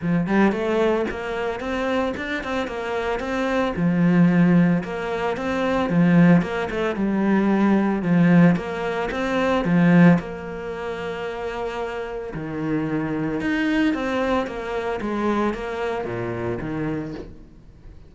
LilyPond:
\new Staff \with { instrumentName = "cello" } { \time 4/4 \tempo 4 = 112 f8 g8 a4 ais4 c'4 | d'8 c'8 ais4 c'4 f4~ | f4 ais4 c'4 f4 | ais8 a8 g2 f4 |
ais4 c'4 f4 ais4~ | ais2. dis4~ | dis4 dis'4 c'4 ais4 | gis4 ais4 ais,4 dis4 | }